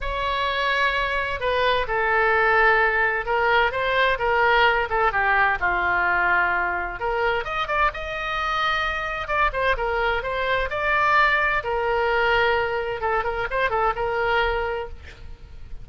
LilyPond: \new Staff \with { instrumentName = "oboe" } { \time 4/4 \tempo 4 = 129 cis''2. b'4 | a'2. ais'4 | c''4 ais'4. a'8 g'4 | f'2. ais'4 |
dis''8 d''8 dis''2. | d''8 c''8 ais'4 c''4 d''4~ | d''4 ais'2. | a'8 ais'8 c''8 a'8 ais'2 | }